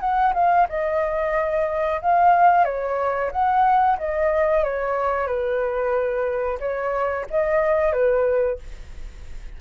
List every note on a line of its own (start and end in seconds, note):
0.00 0.33 F#5
0.34 0.67 F5
0.69 2.01 D#5
2.01 2.65 F5
2.65 3.31 C#5
3.31 3.97 F#5
3.98 4.64 D#5
4.64 5.27 C#5
5.27 6.59 B4
6.60 7.26 C#5
7.30 7.92 D#5
7.92 8.58 B4